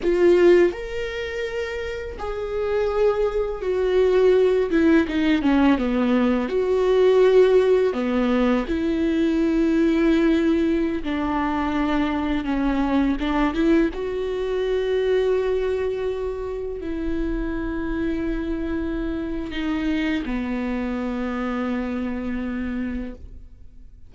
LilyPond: \new Staff \with { instrumentName = "viola" } { \time 4/4 \tempo 4 = 83 f'4 ais'2 gis'4~ | gis'4 fis'4. e'8 dis'8 cis'8 | b4 fis'2 b4 | e'2.~ e'16 d'8.~ |
d'4~ d'16 cis'4 d'8 e'8 fis'8.~ | fis'2.~ fis'16 e'8.~ | e'2. dis'4 | b1 | }